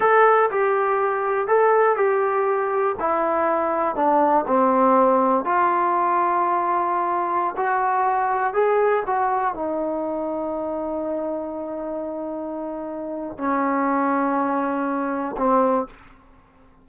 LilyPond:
\new Staff \with { instrumentName = "trombone" } { \time 4/4 \tempo 4 = 121 a'4 g'2 a'4 | g'2 e'2 | d'4 c'2 f'4~ | f'2.~ f'16 fis'8.~ |
fis'4~ fis'16 gis'4 fis'4 dis'8.~ | dis'1~ | dis'2. cis'4~ | cis'2. c'4 | }